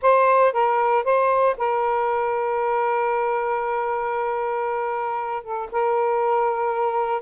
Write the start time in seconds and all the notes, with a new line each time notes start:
0.02 C5
0.52 A#4
1.04 C5
1.57 A#4
5.43 A4
5.71 A#4